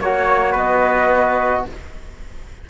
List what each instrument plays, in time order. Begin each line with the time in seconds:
0.00 cello A#3, trombone F#4, flute C#5, trumpet C#5
0.52 cello B3, trumpet B4, flute D#5